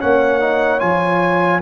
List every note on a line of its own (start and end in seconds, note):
0.00 0.82 A#3
0.00 0.40 C#4
0.00 1.62 C#5
0.00 0.80 F#5
0.40 0.79 D#4
0.79 1.62 F3
0.79 1.60 F4
0.79 1.61 G#5